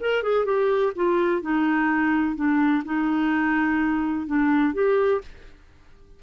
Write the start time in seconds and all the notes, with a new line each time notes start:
0.00 A#4
0.23 G#4
0.45 G4
0.95 F4
1.42 D#4
2.35 D4
2.85 D#4
4.27 D4
4.74 G4